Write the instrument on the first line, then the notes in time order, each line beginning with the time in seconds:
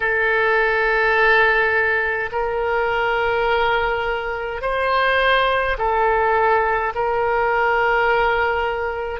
oboe
0.00 A4
2.32 A#4
4.62 C5
5.77 A4
6.94 A#4